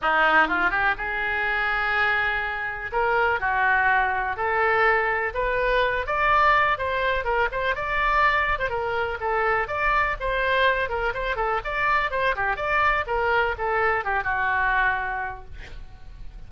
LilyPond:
\new Staff \with { instrumentName = "oboe" } { \time 4/4 \tempo 4 = 124 dis'4 f'8 g'8 gis'2~ | gis'2 ais'4 fis'4~ | fis'4 a'2 b'4~ | b'8 d''4. c''4 ais'8 c''8 |
d''4.~ d''16 c''16 ais'4 a'4 | d''4 c''4. ais'8 c''8 a'8 | d''4 c''8 g'8 d''4 ais'4 | a'4 g'8 fis'2~ fis'8 | }